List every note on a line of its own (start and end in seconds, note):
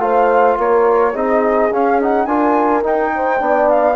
0.00 0.57 A3
0.00 1.14 F4
0.00 0.58 C5
0.00 0.57 F5
0.58 1.15 A#3
0.58 1.14 A#4
0.58 1.16 C#5
1.14 1.71 C4
1.14 1.71 D#4
1.14 2.27 G#4
1.14 1.73 D#5
1.71 2.26 C#4
1.71 2.00 C#4
1.71 2.01 F5
2.00 2.28 D#4
2.00 2.26 F#5
2.26 2.82 D4
2.26 2.83 F4
2.26 3.12 A#4
2.26 2.82 G#5
2.83 3.39 D#4
2.83 3.41 D#4
2.83 3.69 G5
3.15 3.43 C5
3.39 3.96 B3
3.39 3.96 D4
3.39 3.96 D5
3.69 3.96 F5